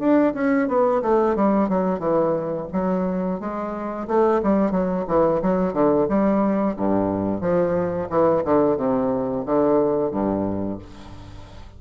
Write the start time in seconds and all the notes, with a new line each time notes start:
0.00 D4
0.35 C#4
0.69 B3
1.02 A3
1.36 G3
1.69 F#3
2.00 E3
2.73 F#3
3.40 G#3
4.08 A3
4.43 G3
4.72 F#3
5.08 E3
5.43 F#3
5.74 D3
6.09 G3
6.77 G2
7.41 F3
8.10 E3
8.45 D3
8.77 C3
9.46 D3
10.12 G2